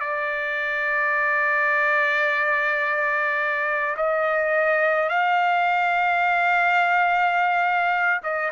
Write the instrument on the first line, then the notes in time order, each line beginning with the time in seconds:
trumpet
0.00 D5
3.97 D#5
5.09 F5
8.23 D#5